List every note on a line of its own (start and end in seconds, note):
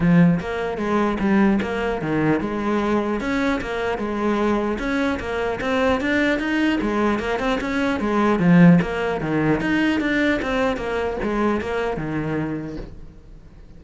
0.00 0.39 F3
0.40 0.77 A#3
0.77 1.17 G#3
1.19 1.59 G3
1.62 2.01 A#3
2.01 2.40 D#3
2.40 3.20 G#3
3.20 3.60 C#4
3.61 3.97 A#3
3.97 4.77 G#3
4.79 5.19 C#4
5.19 5.59 A#3
5.60 6.00 C4
6.00 6.39 D4
6.39 6.79 D#4
6.81 7.19 G#3
7.19 7.39 A#3
7.39 7.59 C4
7.61 7.99 C#4
7.99 8.39 G#3
8.39 8.79 F3
8.81 9.20 A#3
9.20 9.60 D#3
9.60 10.00 D#4
10.00 10.40 D4
10.41 10.76 C4
10.76 11.16 A#3
11.22 11.61 G#3
11.61 11.97 A#3
11.97 12.77 D#3